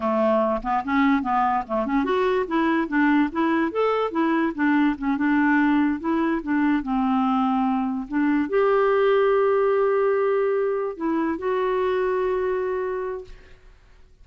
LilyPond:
\new Staff \with { instrumentName = "clarinet" } { \time 4/4 \tempo 4 = 145 a4. b8 cis'4 b4 | a8 cis'8 fis'4 e'4 d'4 | e'4 a'4 e'4 d'4 | cis'8 d'2 e'4 d'8~ |
d'8 c'2. d'8~ | d'8 g'2.~ g'8~ | g'2~ g'8 e'4 fis'8~ | fis'1 | }